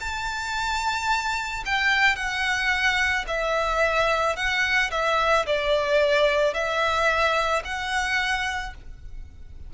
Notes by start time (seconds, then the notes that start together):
0.00 A5
1.66 G5
2.16 F#5
3.27 E5
4.36 F#5
4.91 E5
5.46 D5
6.54 E5
7.65 F#5